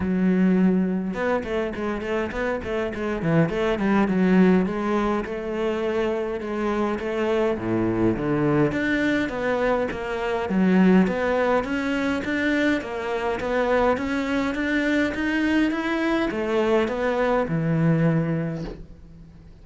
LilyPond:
\new Staff \with { instrumentName = "cello" } { \time 4/4 \tempo 4 = 103 fis2 b8 a8 gis8 a8 | b8 a8 gis8 e8 a8 g8 fis4 | gis4 a2 gis4 | a4 a,4 d4 d'4 |
b4 ais4 fis4 b4 | cis'4 d'4 ais4 b4 | cis'4 d'4 dis'4 e'4 | a4 b4 e2 | }